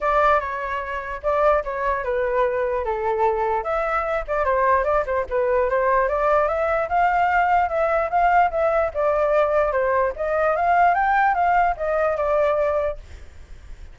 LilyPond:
\new Staff \with { instrumentName = "flute" } { \time 4/4 \tempo 4 = 148 d''4 cis''2 d''4 | cis''4 b'2 a'4~ | a'4 e''4. d''8 c''4 | d''8 c''8 b'4 c''4 d''4 |
e''4 f''2 e''4 | f''4 e''4 d''2 | c''4 dis''4 f''4 g''4 | f''4 dis''4 d''2 | }